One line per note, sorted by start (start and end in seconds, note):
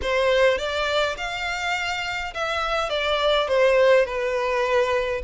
0.02 0.57 C5
0.57 1.16 D5
1.17 2.33 F5
2.34 2.89 E5
2.89 3.47 D5
3.48 4.05 C5
4.05 5.22 B4